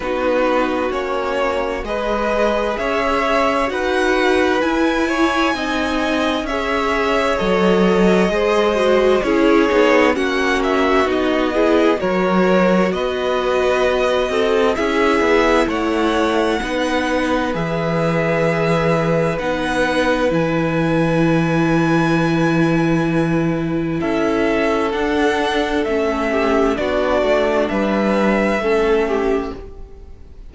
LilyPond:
<<
  \new Staff \with { instrumentName = "violin" } { \time 4/4 \tempo 4 = 65 b'4 cis''4 dis''4 e''4 | fis''4 gis''2 e''4 | dis''2 cis''4 fis''8 e''8 | dis''4 cis''4 dis''2 |
e''4 fis''2 e''4~ | e''4 fis''4 gis''2~ | gis''2 e''4 fis''4 | e''4 d''4 e''2 | }
  \new Staff \with { instrumentName = "violin" } { \time 4/4 fis'2 b'4 cis''4 | b'4. cis''8 dis''4 cis''4~ | cis''4 c''4 gis'4 fis'4~ | fis'8 gis'8 ais'4 b'4. a'8 |
gis'4 cis''4 b'2~ | b'1~ | b'2 a'2~ | a'8 g'8 fis'4 b'4 a'8 g'8 | }
  \new Staff \with { instrumentName = "viola" } { \time 4/4 dis'4 cis'4 gis'2 | fis'4 e'4 dis'4 gis'4 | a'4 gis'8 fis'8 e'8 dis'8 cis'4 | dis'8 e'8 fis'2. |
e'2 dis'4 gis'4~ | gis'4 dis'4 e'2~ | e'2. d'4 | cis'4 d'2 cis'4 | }
  \new Staff \with { instrumentName = "cello" } { \time 4/4 b4 ais4 gis4 cis'4 | dis'4 e'4 c'4 cis'4 | fis4 gis4 cis'8 b8 ais4 | b4 fis4 b4. c'8 |
cis'8 b8 a4 b4 e4~ | e4 b4 e2~ | e2 cis'4 d'4 | a4 b8 a8 g4 a4 | }
>>